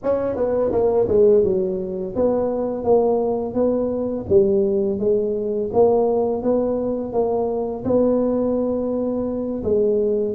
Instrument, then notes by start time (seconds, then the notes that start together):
tuba
0.03 C#4
0.35 B3
0.71 A#3
1.07 G#3
1.43 F#3
2.15 B3
2.84 A#3
3.54 B3
4.29 G3
4.99 G#3
5.73 A#3
6.42 B3
7.12 A#3
7.84 B3
9.63 G#3